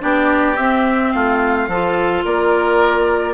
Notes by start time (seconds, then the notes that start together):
0.00 B3 D4 G4 D5
0.56 C4 E5
1.11 A3 F4 F5
1.67 F3 F4 A4
2.24 A#3 A#4 D5